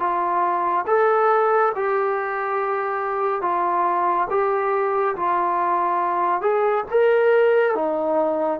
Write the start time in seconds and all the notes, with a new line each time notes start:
0.00 F4
0.87 A4
1.76 G4
3.42 F4
4.31 G4
5.16 F4
6.41 G#4
6.91 A#4
7.75 D#4